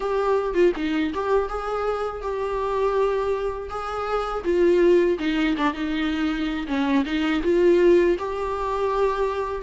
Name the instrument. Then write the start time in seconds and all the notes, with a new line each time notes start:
viola
0.00 G4
0.54 F4
0.76 D#4
1.13 G4
1.48 G#4
2.22 G4
3.69 G#4
4.44 F4
5.19 D#4
5.57 D4
5.73 D#4
6.67 C#4
7.05 D#4
7.43 F4
8.19 G4